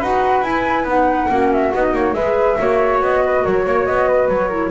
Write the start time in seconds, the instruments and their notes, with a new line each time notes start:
0.00 double bass D#4, clarinet F#4, flute B4 F#5
0.42 double bass E4, clarinet E4, flute G#5
0.84 double bass B3, clarinet D#4, flute F#5
1.29 double bass A#3, clarinet C#4, flute F#4
1.53 flute E5
1.75 double bass B3, clarinet D#4, flute D#5
1.93 double bass A#3, flute C#5
2.14 double bass G#3, clarinet G#4, flute B4 E5
2.58 double bass A#3, clarinet F#4, flute C#5
3.02 double bass B3, flute D#5
3.26 flute B4
3.43 double bass F#3, flute A#4 C#5
3.66 double bass A#3, flute C#5
3.86 double bass B3, flute D#5
4.08 flute B4
4.29 double bass F#3, flute C#5
4.48 clarinet E4, flute A#4